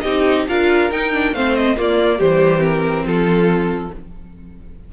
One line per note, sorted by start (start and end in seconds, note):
0.00 0.47 C4
0.00 0.48 D#4
0.00 0.46 G4
0.00 0.43 D#5
0.48 0.90 D4
0.48 0.91 F4
0.48 1.34 A#4
0.48 0.91 F5
0.90 1.32 D#4
0.90 1.13 D#4
0.90 1.34 G5
1.13 1.34 D4
1.32 1.75 A3
1.32 1.76 C4
1.32 1.77 C5
1.32 1.55 F5
1.55 1.77 D#5
1.76 2.18 A#3
1.76 2.19 A#3
1.76 2.18 F4
1.76 2.20 D5
2.18 3.04 E3
2.18 2.59 G3
2.18 3.04 G4
2.18 2.62 C5
2.59 3.88 C4
2.59 3.06 A#4
3.04 3.90 F3
3.04 3.92 F4
3.04 3.92 A4